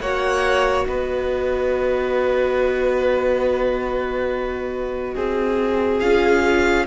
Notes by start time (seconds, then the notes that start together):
0.00 A#3 F#4 C#5 F#5
0.86 B3 B4 D#5
5.14 C4 G#4
5.99 C#4 F4 F5